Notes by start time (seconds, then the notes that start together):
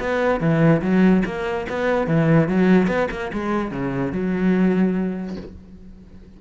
0.00 B3
0.40 E3
0.82 F#3
1.25 A#3
1.69 B3
2.07 E3
2.48 F#3
2.88 B3
3.11 A#3
3.33 G#3
3.71 C#3
4.13 F#3